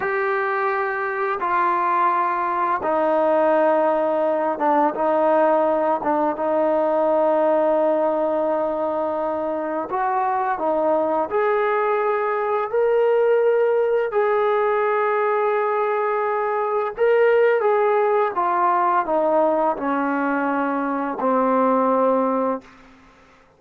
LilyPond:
\new Staff \with { instrumentName = "trombone" } { \time 4/4 \tempo 4 = 85 g'2 f'2 | dis'2~ dis'8 d'8 dis'4~ | dis'8 d'8 dis'2.~ | dis'2 fis'4 dis'4 |
gis'2 ais'2 | gis'1 | ais'4 gis'4 f'4 dis'4 | cis'2 c'2 | }